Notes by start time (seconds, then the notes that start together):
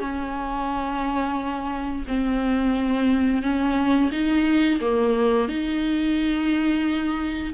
0.00 C#4
2.08 C4
3.42 C#4
4.12 D#4
4.81 A#3
5.49 D#4